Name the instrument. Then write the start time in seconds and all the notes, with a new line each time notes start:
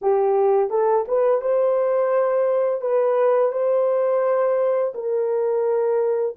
horn
0.01 G4
0.70 A4
1.08 B4
1.41 C5
2.81 B4
3.52 C5
4.94 A#4